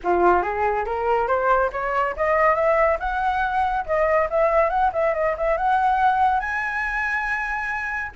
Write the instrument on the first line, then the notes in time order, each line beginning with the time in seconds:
flute
0.03 F4
0.42 G#4
0.85 A#4
1.27 C5
1.72 C#5
2.16 D#5
2.55 E5
2.99 F#5
3.86 D#5
4.30 E5
4.69 F#5
4.93 E5
5.14 D#5
5.37 E5
5.57 F#5
6.40 G#5